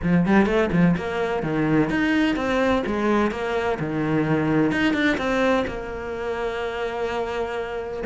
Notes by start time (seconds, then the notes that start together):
0.03 F3
0.26 G3
0.46 A3
0.72 F3
0.97 A#3
1.42 D#3
1.90 D#4
2.36 C4
2.86 G#3
3.31 A#3
3.79 D#3
4.71 D#4
4.93 D4
5.17 C4
5.67 A#3